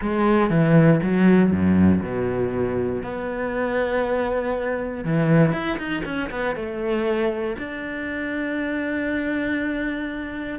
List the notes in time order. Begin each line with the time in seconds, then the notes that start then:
0.01 G#3
0.50 E3
1.02 F#3
1.51 F#2
2.02 B2
3.03 B3
5.04 E3
5.52 E4
5.78 D#4
6.04 C#4
6.30 B3
6.55 A3
7.58 D4